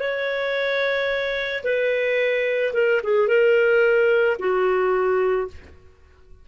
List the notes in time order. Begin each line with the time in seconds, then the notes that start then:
0.00 C#5
1.64 B4
2.74 A#4
3.03 G#4
3.28 A#4
4.39 F#4